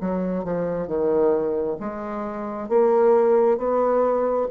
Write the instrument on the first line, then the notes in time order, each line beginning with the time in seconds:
bassoon
0.00 F#3
0.44 F3
0.87 D#3
1.80 G#3
2.68 A#3
3.57 B3